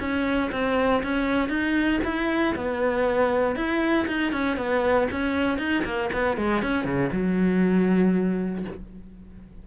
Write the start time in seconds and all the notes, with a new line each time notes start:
0.00 C#4
0.52 C4
1.03 C#4
1.49 D#4
2.04 E4
2.55 B3
3.56 E4
4.07 D#4
4.32 C#4
4.57 B3
5.11 C#4
5.58 D#4
5.85 A#3
6.13 B3
6.37 G#3
6.62 C#4
6.85 C#3
7.13 F#3